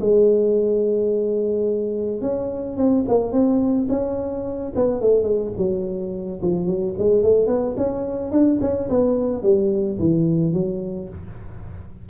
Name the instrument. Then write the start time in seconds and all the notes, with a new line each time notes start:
tuba
0.00 G#3
2.21 C#4
2.77 C4
3.08 A#3
3.32 C4
3.89 C#4
4.75 B3
5.01 A3
5.23 G#3
5.57 F#3
6.42 F3
6.66 F#3
6.98 G#3
7.23 A3
7.47 B3
7.77 C#4
8.32 D4
8.61 C#4
8.89 B3
9.43 G3
9.99 E3
10.53 F#3